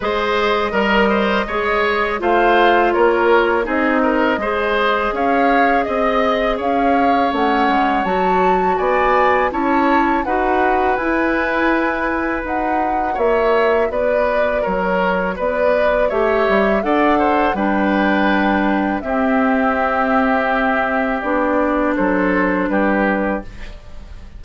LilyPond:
<<
  \new Staff \with { instrumentName = "flute" } { \time 4/4 \tempo 4 = 82 dis''2. f''4 | cis''4 dis''2 f''4 | dis''4 f''4 fis''4 a''4 | gis''4 a''4 fis''4 gis''4~ |
gis''4 fis''4 e''4 d''4 | cis''4 d''4 e''4 fis''4 | g''2 e''2~ | e''4 d''4 c''4 b'4 | }
  \new Staff \with { instrumentName = "oboe" } { \time 4/4 c''4 ais'8 c''8 cis''4 c''4 | ais'4 gis'8 ais'8 c''4 cis''4 | dis''4 cis''2. | d''4 cis''4 b'2~ |
b'2 cis''4 b'4 | ais'4 b'4 cis''4 d''8 c''8 | b'2 g'2~ | g'2 a'4 g'4 | }
  \new Staff \with { instrumentName = "clarinet" } { \time 4/4 gis'4 ais'4 gis'4 f'4~ | f'4 dis'4 gis'2~ | gis'2 cis'4 fis'4~ | fis'4 e'4 fis'4 e'4~ |
e'4 fis'2.~ | fis'2 g'4 a'4 | d'2 c'2~ | c'4 d'2. | }
  \new Staff \with { instrumentName = "bassoon" } { \time 4/4 gis4 g4 gis4 a4 | ais4 c'4 gis4 cis'4 | c'4 cis'4 a8 gis8 fis4 | b4 cis'4 dis'4 e'4~ |
e'4 dis'4 ais4 b4 | fis4 b4 a8 g8 d'4 | g2 c'2~ | c'4 b4 fis4 g4 | }
>>